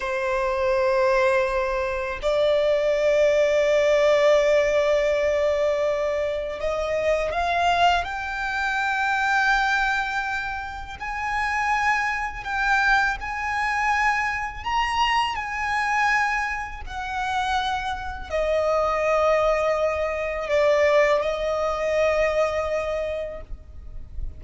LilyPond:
\new Staff \with { instrumentName = "violin" } { \time 4/4 \tempo 4 = 82 c''2. d''4~ | d''1~ | d''4 dis''4 f''4 g''4~ | g''2. gis''4~ |
gis''4 g''4 gis''2 | ais''4 gis''2 fis''4~ | fis''4 dis''2. | d''4 dis''2. | }